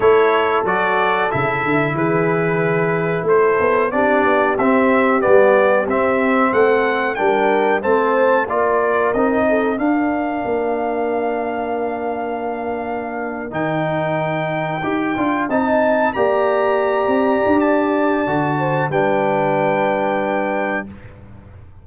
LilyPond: <<
  \new Staff \with { instrumentName = "trumpet" } { \time 4/4 \tempo 4 = 92 cis''4 d''4 e''4 b'4~ | b'4 c''4 d''4 e''4 | d''4 e''4 fis''4 g''4 | a''4 d''4 dis''4 f''4~ |
f''1~ | f''8. g''2. a''16~ | a''8. ais''2~ ais''16 a''4~ | a''4 g''2. | }
  \new Staff \with { instrumentName = "horn" } { \time 4/4 a'2. gis'4~ | gis'4 a'4 g'2~ | g'2 a'4 ais'4 | c''4 ais'4. a'8 ais'4~ |
ais'1~ | ais'2.~ ais'8. dis''16~ | dis''8. d''2.~ d''16~ | d''8 c''8 b'2. | }
  \new Staff \with { instrumentName = "trombone" } { \time 4/4 e'4 fis'4 e'2~ | e'2 d'4 c'4 | b4 c'2 d'4 | c'4 f'4 dis'4 d'4~ |
d'1~ | d'8. dis'2 g'8 f'8 dis'16~ | dis'8. g'2.~ g'16 | fis'4 d'2. | }
  \new Staff \with { instrumentName = "tuba" } { \time 4/4 a4 fis4 cis8 d8 e4~ | e4 a8 b8 c'8 b8 c'4 | g4 c'4 a4 g4 | a4 ais4 c'4 d'4 |
ais1~ | ais8. dis2 dis'8 d'8 c'16~ | c'8. ais4. c'8 d'4~ d'16 | d4 g2. | }
>>